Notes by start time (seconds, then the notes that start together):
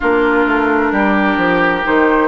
0.00 A#3 D4 F4 A#4
0.46 A3
0.92 G3 G4
1.36 F3
1.83 D#3 D#4 C5